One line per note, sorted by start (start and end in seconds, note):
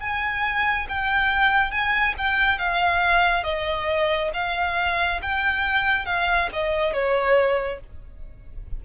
0.00 0.87 G#5
0.89 1.71 G5
1.71 2.14 G#5
2.17 2.58 G5
2.58 3.43 F5
3.43 4.30 D#5
4.33 5.20 F5
5.22 6.05 G5
6.05 6.49 F5
6.53 6.93 D#5
6.93 7.80 C#5